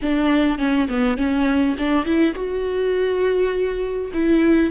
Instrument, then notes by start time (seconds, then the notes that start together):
viola
0.02 D4
0.58 C#4
0.88 B3
1.17 C#4
1.78 D4
2.05 E4
2.34 F#4
4.13 E4